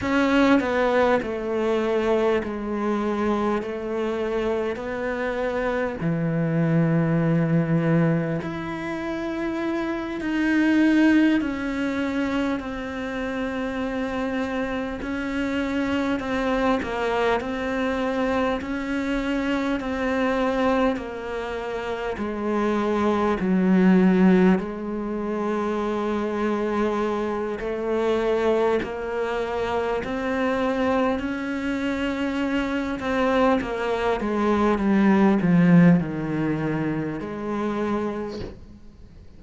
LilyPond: \new Staff \with { instrumentName = "cello" } { \time 4/4 \tempo 4 = 50 cis'8 b8 a4 gis4 a4 | b4 e2 e'4~ | e'8 dis'4 cis'4 c'4.~ | c'8 cis'4 c'8 ais8 c'4 cis'8~ |
cis'8 c'4 ais4 gis4 fis8~ | fis8 gis2~ gis8 a4 | ais4 c'4 cis'4. c'8 | ais8 gis8 g8 f8 dis4 gis4 | }